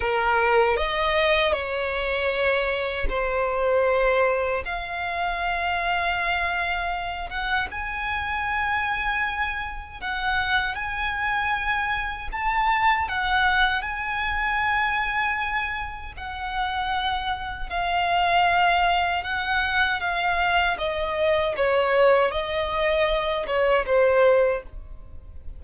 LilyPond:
\new Staff \with { instrumentName = "violin" } { \time 4/4 \tempo 4 = 78 ais'4 dis''4 cis''2 | c''2 f''2~ | f''4. fis''8 gis''2~ | gis''4 fis''4 gis''2 |
a''4 fis''4 gis''2~ | gis''4 fis''2 f''4~ | f''4 fis''4 f''4 dis''4 | cis''4 dis''4. cis''8 c''4 | }